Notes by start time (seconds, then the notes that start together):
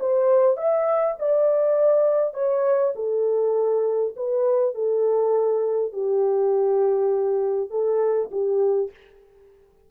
0.00 C5
0.57 E5
1.19 D5
2.34 C#5
2.95 A4
4.16 B4
4.75 A4
5.93 G4
7.70 A4
8.31 G4